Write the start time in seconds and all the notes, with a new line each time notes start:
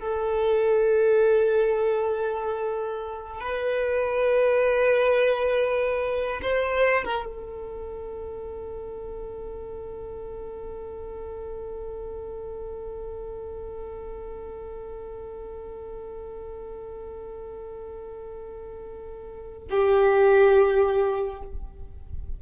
0.00 A4
3.41 B4
6.42 C5
7.05 A#4
7.26 A4
19.71 G4